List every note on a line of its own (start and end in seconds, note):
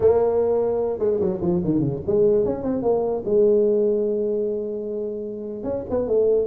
0.00 0.99 A#3
0.99 1.19 G#3
1.20 1.40 F#3
1.41 1.61 F3
1.64 1.79 D#3
1.79 2.00 C#3
2.06 2.45 G#3
2.45 2.63 C#4
2.63 2.82 C4
2.82 3.23 A#3
3.25 5.63 G#3
5.63 5.83 C#4
5.90 6.07 B3
6.07 6.46 A3